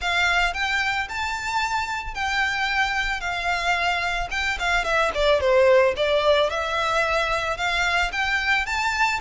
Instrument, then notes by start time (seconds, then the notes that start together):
violin
0.01 F5
0.53 G5
1.08 A5
2.14 G5
3.20 F5
4.30 G5
4.59 F5
4.84 E5
5.14 D5
5.40 C5
5.96 D5
6.50 E5
7.57 F5
8.12 G5
8.65 A5